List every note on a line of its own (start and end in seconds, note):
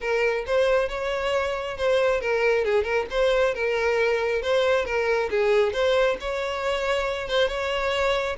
0.00 0.45 A#4
0.46 0.88 C5
0.88 1.77 C#5
1.77 2.20 C5
2.20 2.64 A#4
2.64 2.83 G#4
2.83 3.05 A#4
3.10 3.54 C5
3.54 4.42 A#4
4.42 4.85 C5
4.85 5.29 A#4
5.30 5.72 G#4
5.72 6.16 C5
6.20 7.28 C#5
7.28 7.48 C5
7.48 8.36 C#5